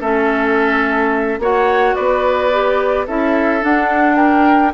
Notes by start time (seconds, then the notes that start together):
0.00 A3 C#4 A4 E5
1.38 A#3 F#4 C#5 F#5
1.95 B3 B4 D5
2.52 G4
3.07 C#4 E4 A4 E5
3.61 D4 F#5
4.16 A#4 G5